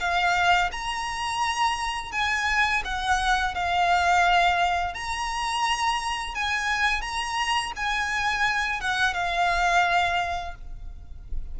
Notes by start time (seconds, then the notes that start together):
0.00 F5
0.72 A#5
2.12 G#5
2.85 F#5
3.55 F5
4.94 A#5
6.35 G#5
7.01 A#5
7.76 G#5
8.80 F#5
9.14 F5